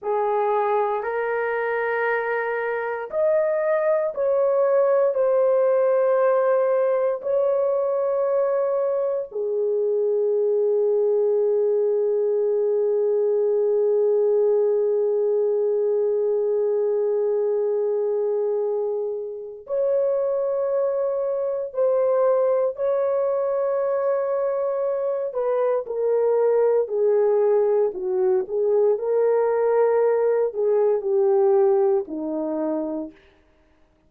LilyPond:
\new Staff \with { instrumentName = "horn" } { \time 4/4 \tempo 4 = 58 gis'4 ais'2 dis''4 | cis''4 c''2 cis''4~ | cis''4 gis'2.~ | gis'1~ |
gis'2. cis''4~ | cis''4 c''4 cis''2~ | cis''8 b'8 ais'4 gis'4 fis'8 gis'8 | ais'4. gis'8 g'4 dis'4 | }